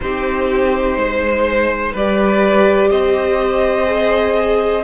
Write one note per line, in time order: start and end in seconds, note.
0.00 0.97 C4
0.00 1.96 D#4
0.00 0.98 G4
0.00 1.94 C5
0.97 1.93 G#3
0.97 1.92 C5
1.92 2.91 G3
1.92 3.85 G4
1.92 2.89 B4
1.92 2.91 D5
2.90 4.83 C4
2.90 4.83 C5
2.90 4.83 D#5
3.85 4.82 G#4